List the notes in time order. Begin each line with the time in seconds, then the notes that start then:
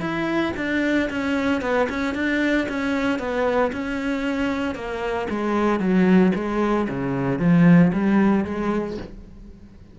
0.00 E4
0.57 D4
1.10 C#4
1.61 B3
1.89 C#4
2.15 D4
2.68 C#4
3.19 B3
3.72 C#4
4.75 A#3
5.30 G#3
5.80 F#3
6.35 G#3
6.89 C#3
7.39 F3
7.93 G3
8.45 G#3